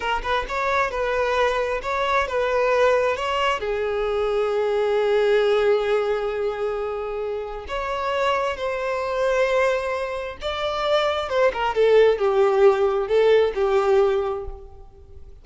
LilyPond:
\new Staff \with { instrumentName = "violin" } { \time 4/4 \tempo 4 = 133 ais'8 b'8 cis''4 b'2 | cis''4 b'2 cis''4 | gis'1~ | gis'1~ |
gis'4 cis''2 c''4~ | c''2. d''4~ | d''4 c''8 ais'8 a'4 g'4~ | g'4 a'4 g'2 | }